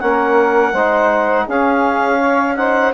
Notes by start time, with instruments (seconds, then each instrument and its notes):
0.00 bassoon A#3, trombone C#4, clarinet F#5
0.06 saxophone A#4
0.73 bassoon G#3, trombone D#4, saxophone C5
1.45 bassoon C#4, trombone C#4, saxophone G#4, clarinet F5
2.19 saxophone C#5
2.57 trombone D#4, saxophone C5, clarinet F#5